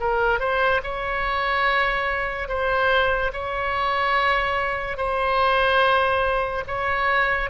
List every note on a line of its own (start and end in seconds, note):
0.00 0.39 A#4
0.39 0.81 C5
0.83 2.48 C#5
2.48 3.31 C5
3.33 4.97 C#5
4.97 6.64 C5
6.67 7.50 C#5